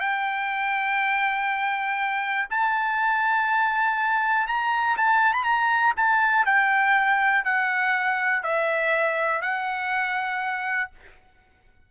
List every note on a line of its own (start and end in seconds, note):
0.00 2.48 G5
2.50 4.47 A5
4.47 4.97 A#5
4.97 5.33 A5
5.33 5.44 B5
5.44 5.93 A#5
5.96 6.46 A5
6.46 7.44 G5
7.44 8.43 F#5
8.43 9.41 E5
9.41 10.90 F#5